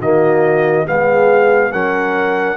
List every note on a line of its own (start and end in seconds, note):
0.00 0.86 D#3
0.00 0.86 A#3
0.00 0.86 F#4
0.00 0.87 D#5
0.86 1.73 G#3
0.86 1.71 B3
0.86 1.72 G#4
0.86 1.72 F5
1.72 2.57 F#3
1.72 2.57 C#4
1.72 2.57 A#4
1.72 2.57 F#5